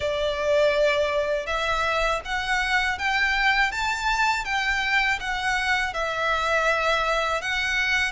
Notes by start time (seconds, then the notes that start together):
0.00 D5
1.46 E5
2.24 F#5
2.98 G5
3.71 A5
4.44 G5
5.20 F#5
5.93 E5
7.41 F#5